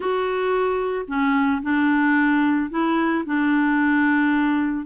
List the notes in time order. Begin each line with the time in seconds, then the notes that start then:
0.00 F#4
1.07 C#4
1.62 D4
2.70 E4
3.25 D4